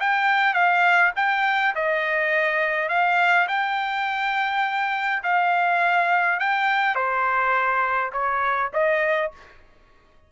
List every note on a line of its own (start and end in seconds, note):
0.00 0.53 G5
0.53 1.12 F5
1.16 1.74 G5
1.75 2.89 D#5
2.89 3.47 F5
3.48 5.23 G5
5.23 6.39 F5
6.39 6.95 G5
6.95 8.12 C5
8.12 8.71 C#5
8.73 9.32 D#5